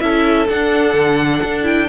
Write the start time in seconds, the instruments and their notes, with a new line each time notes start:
0.00 cello C#4, viola E4, violin A4 E5
0.49 cello D4, viola D4, violin F#5
0.93 cello D3
1.43 cello D4
1.63 viola E4, violin G5